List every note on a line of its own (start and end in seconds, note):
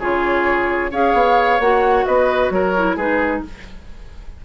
0.00 0.92 C#3
0.00 0.92 F4
0.00 0.91 G#4
0.00 0.92 C#5
0.91 1.14 C#4
0.91 1.61 G#4
0.91 2.06 C#5
0.91 1.60 F5
1.14 1.60 B3
1.60 2.06 A#3
1.60 2.77 F#4
1.60 2.06 F#5
2.06 2.51 B3
2.06 2.53 B4
2.06 2.52 D#5
2.51 2.96 F#3
2.51 2.96 A#4
2.51 2.98 C#5
2.77 3.00 E4
2.96 3.42 G#3
2.96 3.45 D#4
2.96 3.42 G#4
2.96 3.44 B4